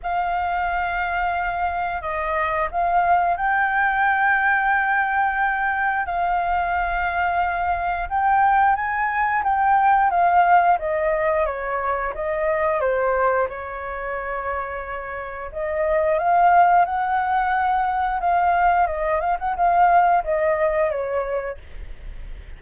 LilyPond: \new Staff \with { instrumentName = "flute" } { \time 4/4 \tempo 4 = 89 f''2. dis''4 | f''4 g''2.~ | g''4 f''2. | g''4 gis''4 g''4 f''4 |
dis''4 cis''4 dis''4 c''4 | cis''2. dis''4 | f''4 fis''2 f''4 | dis''8 f''16 fis''16 f''4 dis''4 cis''4 | }